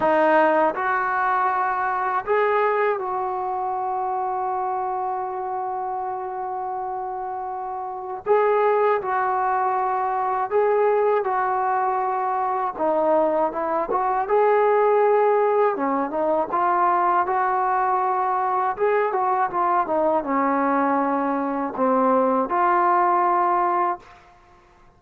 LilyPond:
\new Staff \with { instrumentName = "trombone" } { \time 4/4 \tempo 4 = 80 dis'4 fis'2 gis'4 | fis'1~ | fis'2. gis'4 | fis'2 gis'4 fis'4~ |
fis'4 dis'4 e'8 fis'8 gis'4~ | gis'4 cis'8 dis'8 f'4 fis'4~ | fis'4 gis'8 fis'8 f'8 dis'8 cis'4~ | cis'4 c'4 f'2 | }